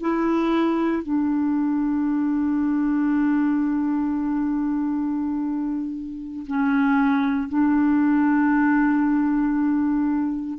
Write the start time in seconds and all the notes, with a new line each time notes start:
0.00 E4
1.03 D4
6.47 C#4
7.49 D4